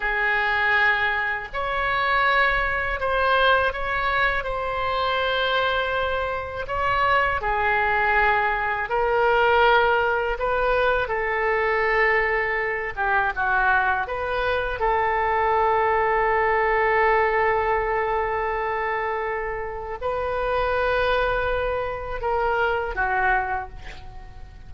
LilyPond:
\new Staff \with { instrumentName = "oboe" } { \time 4/4 \tempo 4 = 81 gis'2 cis''2 | c''4 cis''4 c''2~ | c''4 cis''4 gis'2 | ais'2 b'4 a'4~ |
a'4. g'8 fis'4 b'4 | a'1~ | a'2. b'4~ | b'2 ais'4 fis'4 | }